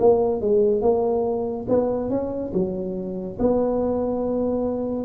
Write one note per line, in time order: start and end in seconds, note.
0.00 0.41 A#3
0.41 0.82 G#3
0.82 1.66 A#3
1.69 2.10 B3
2.10 2.52 C#4
2.54 3.38 F#3
3.39 5.05 B3